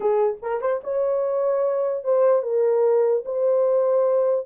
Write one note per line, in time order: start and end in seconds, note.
0.00 0.37 G#4
0.42 0.61 A#4
0.61 0.81 C5
0.83 2.03 C#5
2.03 2.42 C5
2.42 3.23 A#4
3.25 4.46 C5